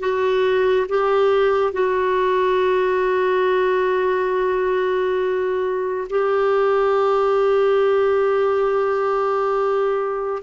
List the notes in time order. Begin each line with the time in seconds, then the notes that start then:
0.00 F#4
0.89 G4
1.73 F#4
6.10 G4